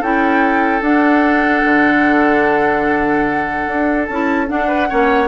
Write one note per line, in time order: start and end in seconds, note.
0.00 0.81 C#4
0.00 0.82 E4
0.00 4.66 A4
0.00 0.82 G5
0.81 1.62 D4
0.81 4.06 D4
0.81 4.06 F#5
1.64 3.67 D3
3.67 4.08 D4
4.06 4.49 C#4
4.06 4.47 E4
4.06 4.47 A5
4.47 4.88 D4
4.47 4.90 D4
4.47 5.28 F#5
4.67 4.88 B4
4.88 5.28 A#3
4.88 5.28 C#4
4.88 5.28 C#5